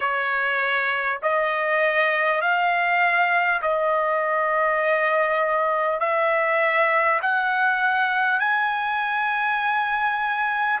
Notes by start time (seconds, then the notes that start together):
0.00 C#5
1.22 D#5
2.41 F5
3.62 D#5
6.00 E5
7.22 F#5
8.39 G#5